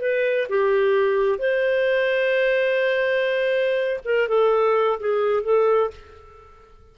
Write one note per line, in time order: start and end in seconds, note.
0.00 0.48 B4
0.49 1.38 G4
1.38 4.00 C5
4.04 4.28 A#4
4.28 4.99 A4
4.99 5.43 G#4
5.43 5.90 A4